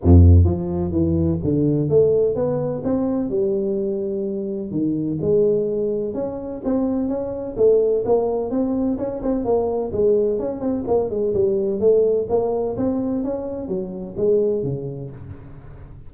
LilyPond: \new Staff \with { instrumentName = "tuba" } { \time 4/4 \tempo 4 = 127 f,4 f4 e4 d4 | a4 b4 c'4 g4~ | g2 dis4 gis4~ | gis4 cis'4 c'4 cis'4 |
a4 ais4 c'4 cis'8 c'8 | ais4 gis4 cis'8 c'8 ais8 gis8 | g4 a4 ais4 c'4 | cis'4 fis4 gis4 cis4 | }